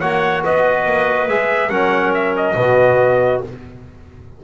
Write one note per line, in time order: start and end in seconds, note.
0.00 0.44 A#3
0.00 1.29 F#4
0.00 0.43 C#5
0.00 0.43 F#5
0.44 0.86 B3
0.44 1.70 B4
0.44 1.28 D#5
0.86 1.28 A#3
1.28 1.69 G#3
1.28 1.70 G#4
1.28 1.70 E5
1.69 2.54 F#3
1.69 2.55 C#4
1.69 2.55 A#4
1.69 2.12 F#5
2.14 2.36 E5
2.36 3.43 D#5
2.56 3.41 B2
2.56 3.42 B3
2.56 3.44 F#4